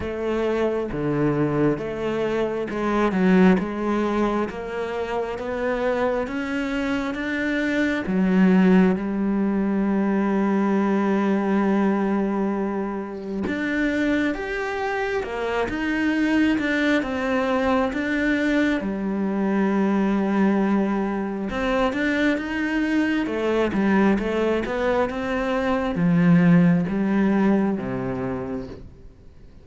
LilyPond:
\new Staff \with { instrumentName = "cello" } { \time 4/4 \tempo 4 = 67 a4 d4 a4 gis8 fis8 | gis4 ais4 b4 cis'4 | d'4 fis4 g2~ | g2. d'4 |
g'4 ais8 dis'4 d'8 c'4 | d'4 g2. | c'8 d'8 dis'4 a8 g8 a8 b8 | c'4 f4 g4 c4 | }